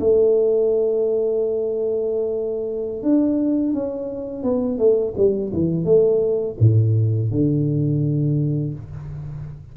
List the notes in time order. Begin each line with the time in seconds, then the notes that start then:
0.00 A3
3.03 D4
3.74 C#4
4.43 B3
4.79 A3
5.17 G3
5.53 E3
5.85 A3
6.60 A2
7.31 D3